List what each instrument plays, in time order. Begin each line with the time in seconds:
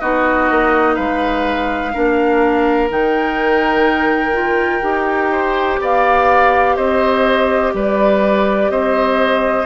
0.00 bassoon B3, clarinet D#4, oboe F#4, flute D#5
0.51 bassoon A#3
0.95 bassoon G#3, oboe B4, flute F5
1.93 bassoon A#3, clarinet D4, oboe A#4
2.90 bassoon D#3, clarinet D#4, flute G5
4.33 clarinet F4
4.82 bassoon D#4, clarinet G4
5.32 oboe C5
5.80 bassoon B3, oboe D5, flute F5
6.76 bassoon C4, oboe C5, flute D#5
7.74 bassoon G3, oboe B4, flute D5
8.70 bassoon C4, oboe C5, flute D#5